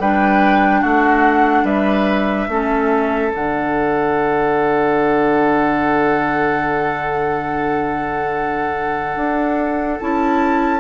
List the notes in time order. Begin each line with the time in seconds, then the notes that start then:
0.00 G3 D4 B4 G5
0.81 A3 F#4 F#5
1.64 G3 B4 E5
2.48 A3 C#4 A4
3.32 D3 D4 F#5
9.16 D4
10.00 C#4 E4 A5